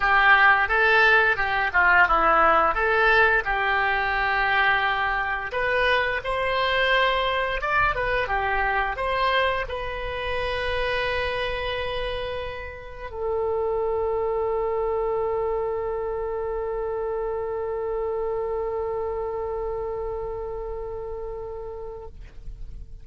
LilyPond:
\new Staff \with { instrumentName = "oboe" } { \time 4/4 \tempo 4 = 87 g'4 a'4 g'8 f'8 e'4 | a'4 g'2. | b'4 c''2 d''8 b'8 | g'4 c''4 b'2~ |
b'2. a'4~ | a'1~ | a'1~ | a'1 | }